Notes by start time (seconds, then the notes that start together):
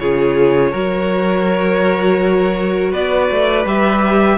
0.00 C#3 F4 G#4 C#5
0.72 F#3 F#4 A#4
2.92 B3 B4 D5
3.31 A3
3.66 G3 G4 E5